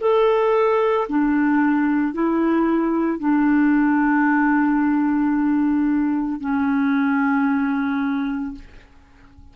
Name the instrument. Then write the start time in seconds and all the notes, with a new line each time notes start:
clarinet
0.00 A4
1.09 D4
2.13 E4
3.19 D4
6.40 C#4